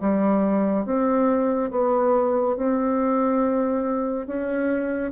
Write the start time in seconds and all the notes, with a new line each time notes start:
0.00 G3
0.85 C4
1.71 B3
2.57 C4
4.27 C#4